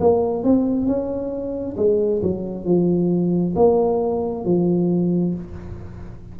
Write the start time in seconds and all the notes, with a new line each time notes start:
0.00 A#3
0.44 C4
0.86 C#4
1.77 G#3
2.22 F#3
2.65 F3
3.55 A#3
4.45 F3